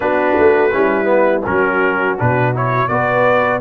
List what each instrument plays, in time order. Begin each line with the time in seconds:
0.00 tuba B3, trombone D4, horn F#4, trumpet B4
0.38 tuba A3
0.72 tuba G3, trombone C#4, horn E4
1.04 trombone B3
1.44 tuba F#3, trombone C#4, horn F#4, trumpet A#4
2.18 tuba B2, trombone D4, trumpet B4
2.54 trombone E4, trumpet C#5
2.87 tuba B3, trombone F#4, horn B4, trumpet D5